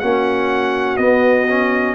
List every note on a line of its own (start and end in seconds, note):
0.00 0.99 A#3
0.00 0.98 C#4
0.00 1.96 F#4
0.00 0.97 F#5
0.97 1.48 B3
0.97 1.96 B3
0.97 1.96 D#5
1.49 1.96 C#4